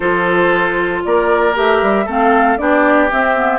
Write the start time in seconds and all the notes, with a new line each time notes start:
0.00 F3 F4 A4 C5
1.04 A#3 A#4 D5
1.54 A3 G4 E5
1.81 G3
2.05 A3 C4 A4 F5
2.57 B3 D4 G4 D5
3.11 C4 E5
3.37 B3